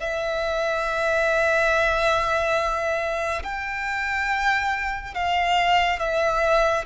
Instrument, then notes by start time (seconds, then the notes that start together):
violin
0.00 E5
3.44 G5
5.15 F5
5.99 E5